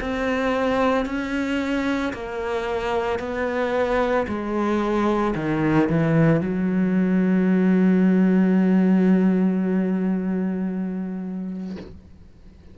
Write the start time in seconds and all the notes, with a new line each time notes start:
0.00 C4
1.05 C#4
2.13 A#3
3.19 B3
4.27 G#3
5.35 D#3
5.89 E3
6.40 F#3